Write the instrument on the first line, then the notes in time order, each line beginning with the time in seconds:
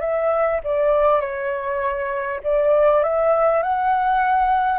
flute
0.00 E5
0.64 D5
1.21 C#5
2.43 D5
3.03 E5
3.63 F#5